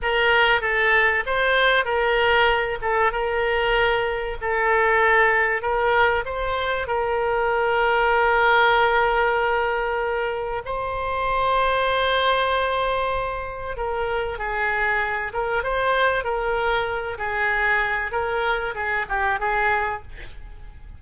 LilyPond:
\new Staff \with { instrumentName = "oboe" } { \time 4/4 \tempo 4 = 96 ais'4 a'4 c''4 ais'4~ | ais'8 a'8 ais'2 a'4~ | a'4 ais'4 c''4 ais'4~ | ais'1~ |
ais'4 c''2.~ | c''2 ais'4 gis'4~ | gis'8 ais'8 c''4 ais'4. gis'8~ | gis'4 ais'4 gis'8 g'8 gis'4 | }